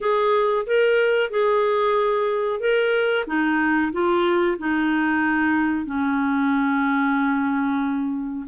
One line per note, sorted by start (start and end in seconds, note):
0.00 0.66 G#4
0.66 1.30 A#4
1.30 2.59 G#4
2.59 3.25 A#4
3.26 3.91 D#4
3.92 4.57 F4
4.58 5.85 D#4
5.85 8.46 C#4